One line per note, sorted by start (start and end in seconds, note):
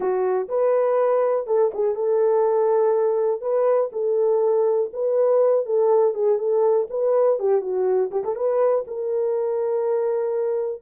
0.00 0.47 F#4
0.48 1.46 B4
1.46 1.71 A4
1.74 1.95 G#4
1.95 3.41 A4
3.41 3.90 B4
3.92 4.90 A4
4.93 5.65 B4
5.65 6.13 A4
6.13 6.38 G#4
6.38 6.87 A4
6.90 7.39 B4
7.39 7.61 G4
7.61 8.10 F#4
8.11 8.23 G4
8.24 8.35 A4
8.35 8.84 B4
8.87 10.82 A#4